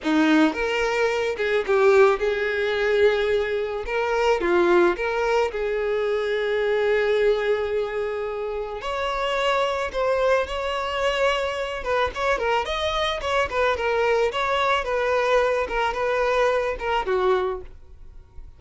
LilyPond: \new Staff \with { instrumentName = "violin" } { \time 4/4 \tempo 4 = 109 dis'4 ais'4. gis'8 g'4 | gis'2. ais'4 | f'4 ais'4 gis'2~ | gis'1 |
cis''2 c''4 cis''4~ | cis''4. b'8 cis''8 ais'8 dis''4 | cis''8 b'8 ais'4 cis''4 b'4~ | b'8 ais'8 b'4. ais'8 fis'4 | }